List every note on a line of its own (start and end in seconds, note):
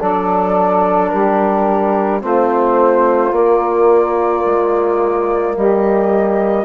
0.00 1.12 F#3
0.00 2.22 D4
0.00 1.11 A4
0.00 1.10 D5
1.10 2.24 G3
1.10 2.22 G4
1.10 2.21 A#4
2.22 3.32 A3
2.22 3.33 C4
2.22 5.55 F4
2.22 3.34 C5
3.32 4.43 A#3
3.32 6.66 A#3
3.32 5.56 D5
4.46 5.57 G#3
5.56 6.66 G3
5.56 6.66 G4
5.56 6.66 D#5